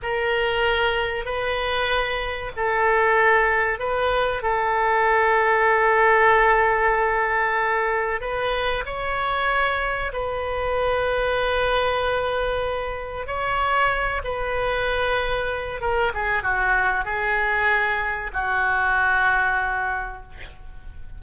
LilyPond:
\new Staff \with { instrumentName = "oboe" } { \time 4/4 \tempo 4 = 95 ais'2 b'2 | a'2 b'4 a'4~ | a'1~ | a'4 b'4 cis''2 |
b'1~ | b'4 cis''4. b'4.~ | b'4 ais'8 gis'8 fis'4 gis'4~ | gis'4 fis'2. | }